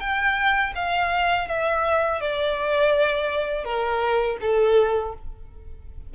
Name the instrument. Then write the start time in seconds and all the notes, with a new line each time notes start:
violin
0.00 G5
0.75 F5
1.48 E5
2.21 D5
3.65 A#4
4.41 A4